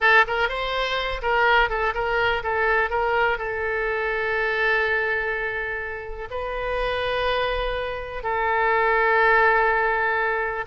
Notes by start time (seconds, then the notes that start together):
0.00 A4
0.27 A#4
0.48 C5
1.22 A#4
1.69 A4
1.94 A#4
2.43 A4
2.89 A#4
3.38 A4
6.30 B4
8.23 A4